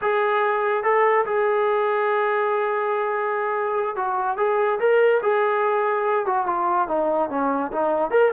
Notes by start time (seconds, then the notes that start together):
0.01 G#4
0.83 A4
1.25 G#4
3.96 F#4
4.37 G#4
4.79 A#4
5.22 G#4
6.26 F#4
6.46 F4
6.87 D#4
7.29 C#4
7.72 D#4
8.10 A#4